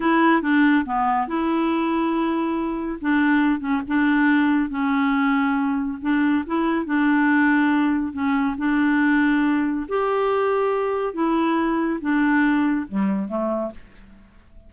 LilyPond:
\new Staff \with { instrumentName = "clarinet" } { \time 4/4 \tempo 4 = 140 e'4 d'4 b4 e'4~ | e'2. d'4~ | d'8 cis'8 d'2 cis'4~ | cis'2 d'4 e'4 |
d'2. cis'4 | d'2. g'4~ | g'2 e'2 | d'2 g4 a4 | }